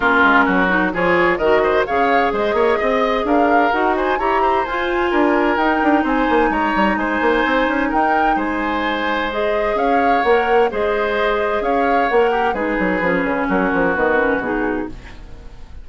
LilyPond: <<
  \new Staff \with { instrumentName = "flute" } { \time 4/4 \tempo 4 = 129 ais'2 cis''4 dis''4 | f''4 dis''2 f''4 | fis''8 gis''8 ais''4 gis''2 | g''4 gis''4 ais''4 gis''4~ |
gis''4 g''4 gis''2 | dis''4 f''4 fis''4 dis''4~ | dis''4 f''4 fis''4 b'4~ | b'4 ais'4 b'4 gis'4 | }
  \new Staff \with { instrumentName = "oboe" } { \time 4/4 f'4 fis'4 gis'4 ais'8 c''8 | cis''4 c''8 cis''8 dis''4 ais'4~ | ais'8 c''8 cis''8 c''4. ais'4~ | ais'4 c''4 cis''4 c''4~ |
c''4 ais'4 c''2~ | c''4 cis''2 c''4~ | c''4 cis''4. g'8 gis'4~ | gis'4 fis'2. | }
  \new Staff \with { instrumentName = "clarinet" } { \time 4/4 cis'4. dis'8 f'4 fis'4 | gis'1 | fis'4 g'4 f'2 | dis'1~ |
dis'1 | gis'2 ais'4 gis'4~ | gis'2 ais'4 dis'4 | cis'2 b8 cis'8 dis'4 | }
  \new Staff \with { instrumentName = "bassoon" } { \time 4/4 ais8 gis8 fis4 f4 dis4 | cis4 gis8 ais8 c'4 d'4 | dis'4 e'4 f'4 d'4 | dis'8 d'8 c'8 ais8 gis8 g8 gis8 ais8 |
c'8 cis'8 dis'4 gis2~ | gis4 cis'4 ais4 gis4~ | gis4 cis'4 ais4 gis8 fis8 | f8 cis8 fis8 f8 dis4 b,4 | }
>>